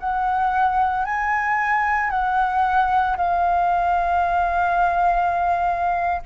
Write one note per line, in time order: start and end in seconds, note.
0.00 1.05 F#5
1.05 2.10 G#5
2.10 3.16 F#5
3.17 6.22 F5